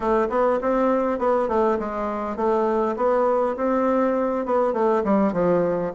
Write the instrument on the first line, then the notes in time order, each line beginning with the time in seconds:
bassoon
0.00 A3
0.29 B3
0.61 C4
1.19 B3
1.48 A3
1.79 G#3
2.36 A3
2.96 B3
3.56 C4
4.45 B3
4.73 A3
5.04 G3
5.32 F3